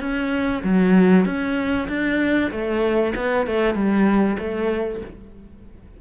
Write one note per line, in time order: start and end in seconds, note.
0.00 0.62 C#4
0.63 1.26 F#3
1.26 1.88 C#4
1.88 2.51 D4
2.51 3.14 A3
3.16 3.47 B3
3.47 3.74 A3
3.74 4.37 G3
4.39 5.01 A3